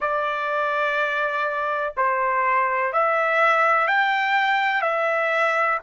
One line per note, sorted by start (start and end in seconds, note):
0.00 1.94 D5
1.96 2.93 C5
2.93 3.87 E5
3.87 4.81 G5
4.81 5.78 E5